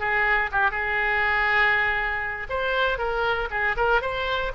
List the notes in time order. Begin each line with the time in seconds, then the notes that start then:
0.00 G#4
0.52 G4
0.71 G#4
2.50 C5
2.99 A#4
3.51 G#4
3.77 A#4
4.02 C5